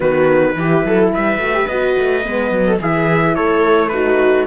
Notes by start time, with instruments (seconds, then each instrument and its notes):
0.00 cello D#3, horn B3, viola F#4, trumpet B4
0.55 cello E3, horn E4, viola G4
0.84 cello F#3, viola A4
1.13 cello G3, viola B4, trumpet E5
1.37 cello A3, horn F#4
1.54 horn G4
1.67 cello B3, horn F#4, trumpet D#5
1.98 cello A3
2.23 cello G#3, horn B3
2.50 cello F#3
2.67 viola A4
2.79 cello E3, horn E4, viola G#4, trumpet E5
3.35 cello A3, viola A4, trumpet C#5
3.88 horn D#4, viola F#4, trumpet B4